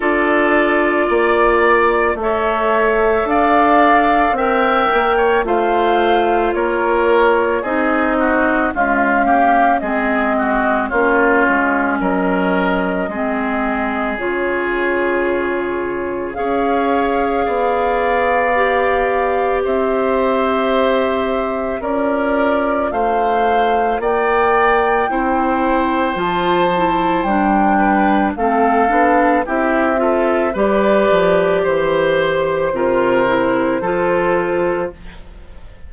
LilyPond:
<<
  \new Staff \with { instrumentName = "flute" } { \time 4/4 \tempo 4 = 55 d''2 e''4 f''4 | g''4 f''4 cis''4 dis''4 | f''4 dis''4 cis''4 dis''4~ | dis''4 cis''2 f''4~ |
f''2 e''2 | d''4 f''4 g''2 | a''4 g''4 f''4 e''4 | d''4 c''2. | }
  \new Staff \with { instrumentName = "oboe" } { \time 4/4 a'4 d''4 cis''4 d''4 | e''8. cis''16 c''4 ais'4 gis'8 fis'8 | f'8 g'8 gis'8 fis'8 f'4 ais'4 | gis'2. cis''4 |
d''2 c''2 | ais'4 c''4 d''4 c''4~ | c''4. b'8 a'4 g'8 a'8 | b'4 c''4 ais'4 a'4 | }
  \new Staff \with { instrumentName = "clarinet" } { \time 4/4 f'2 a'2 | ais'4 f'2 dis'4 | gis8 ais8 c'4 cis'2 | c'4 f'2 gis'4~ |
gis'4 g'2. | f'2. e'4 | f'8 e'8 d'4 c'8 d'8 e'8 f'8 | g'2 f'8 e'8 f'4 | }
  \new Staff \with { instrumentName = "bassoon" } { \time 4/4 d'4 ais4 a4 d'4 | c'8 ais8 a4 ais4 c'4 | cis'4 gis4 ais8 gis8 fis4 | gis4 cis2 cis'4 |
b2 c'2 | cis'4 a4 ais4 c'4 | f4 g4 a8 b8 c'4 | g8 f8 e4 c4 f4 | }
>>